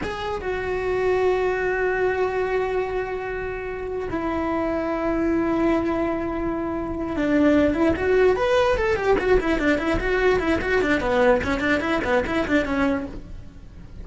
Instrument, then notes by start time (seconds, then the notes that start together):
cello
0.02 G#4
0.41 F#4
4.10 E4
7.16 D4
7.73 E4
7.96 F#4
8.36 B4
8.77 A4
8.96 G4
9.18 F#4
9.40 E4
9.59 D4
9.78 E4
9.99 F#4
10.39 E4
10.61 F#4
10.81 D4
11.00 B3
11.43 C#4
11.60 D4
11.80 E4
12.04 B3
12.26 E4
12.47 D4
12.65 C#4